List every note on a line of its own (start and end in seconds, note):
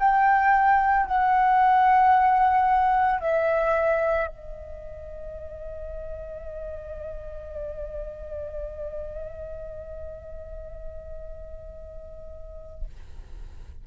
0.00 1.07 G5
1.07 3.20 F#5
3.20 4.28 E5
4.28 12.85 D#5